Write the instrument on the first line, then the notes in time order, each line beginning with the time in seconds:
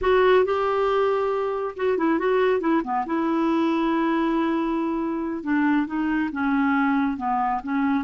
clarinet
0.01 F#4
0.44 G4
1.76 F#4
1.97 E4
2.19 F#4
2.60 E4
2.84 B3
3.06 E4
5.43 D4
5.86 D#4
6.32 C#4
7.17 B3
7.63 C#4